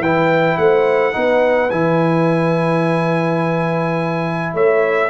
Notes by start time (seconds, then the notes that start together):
0.00 E3 E4 B4 G5
0.58 A3 C5 F#5
1.13 B3 D#4 B4
1.71 E3 E4 G#5
4.54 A3 C#5 E5